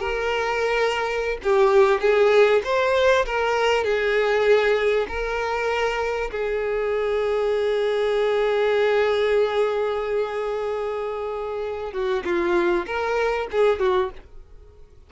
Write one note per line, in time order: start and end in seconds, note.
0.00 1.38 A#4
1.43 2.01 G4
2.01 2.62 G#4
2.64 3.26 C5
3.26 3.84 A#4
3.84 5.07 G#4
5.08 6.31 A#4
6.31 11.93 G#4
11.93 12.23 F#4
12.24 12.86 F4
12.86 13.47 A#4
13.52 13.80 G#4
13.80 14.10 F#4